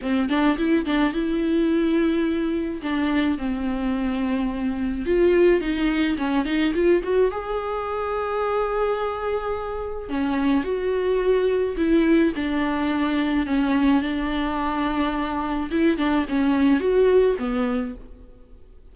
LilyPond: \new Staff \with { instrumentName = "viola" } { \time 4/4 \tempo 4 = 107 c'8 d'8 e'8 d'8 e'2~ | e'4 d'4 c'2~ | c'4 f'4 dis'4 cis'8 dis'8 | f'8 fis'8 gis'2.~ |
gis'2 cis'4 fis'4~ | fis'4 e'4 d'2 | cis'4 d'2. | e'8 d'8 cis'4 fis'4 b4 | }